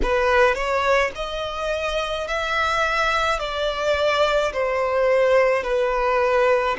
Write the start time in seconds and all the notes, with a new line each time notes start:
0.02 B4
0.54 C#5
1.15 D#5
2.27 E5
3.39 D5
4.53 C5
5.63 B4